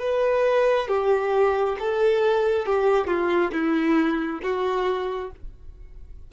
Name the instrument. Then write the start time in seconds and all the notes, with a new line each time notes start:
violin
0.00 B4
0.89 G4
1.80 A4
2.66 G4
3.07 F4
3.53 E4
4.43 F#4